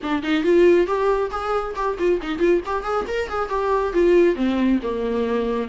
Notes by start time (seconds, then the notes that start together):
0.02 D4
0.22 D#4
0.43 F4
0.86 G4
1.30 G#4
1.75 G4
1.98 F4
2.22 D#4
2.39 F4
2.65 G4
2.83 G#4
3.07 A#4
3.29 G#4
3.49 G4
3.93 F4
4.35 C4
4.83 A#3